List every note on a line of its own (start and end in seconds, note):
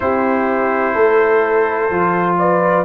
0.00 0.95 C4
0.00 1.90 E4
0.00 0.94 G4
0.00 2.36 C5
0.94 1.90 A3
0.94 2.37 A4
1.90 2.85 F3
1.90 2.85 F4
2.38 2.85 B4
2.38 2.85 D5